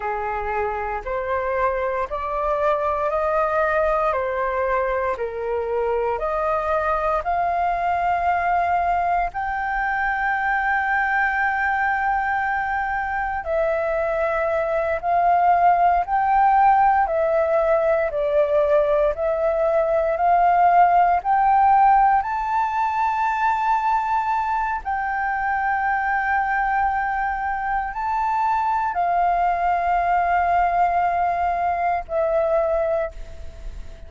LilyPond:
\new Staff \with { instrumentName = "flute" } { \time 4/4 \tempo 4 = 58 gis'4 c''4 d''4 dis''4 | c''4 ais'4 dis''4 f''4~ | f''4 g''2.~ | g''4 e''4. f''4 g''8~ |
g''8 e''4 d''4 e''4 f''8~ | f''8 g''4 a''2~ a''8 | g''2. a''4 | f''2. e''4 | }